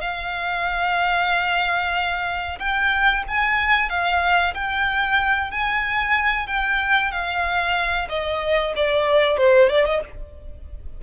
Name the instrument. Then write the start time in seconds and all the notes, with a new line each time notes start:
violin
0.00 F5
2.59 G5
3.27 G#5
3.89 F5
4.54 G5
5.51 G#5
6.47 G5
7.11 F5
8.09 D#5
8.75 D5
9.37 C5
9.69 D5
9.85 D#5